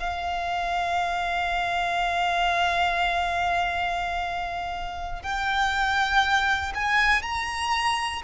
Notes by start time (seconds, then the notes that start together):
0.00 F5
5.23 G5
6.75 G#5
7.22 A#5